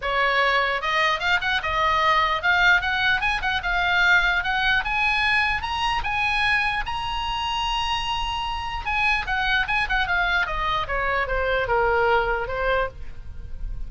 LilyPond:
\new Staff \with { instrumentName = "oboe" } { \time 4/4 \tempo 4 = 149 cis''2 dis''4 f''8 fis''8 | dis''2 f''4 fis''4 | gis''8 fis''8 f''2 fis''4 | gis''2 ais''4 gis''4~ |
gis''4 ais''2.~ | ais''2 gis''4 fis''4 | gis''8 fis''8 f''4 dis''4 cis''4 | c''4 ais'2 c''4 | }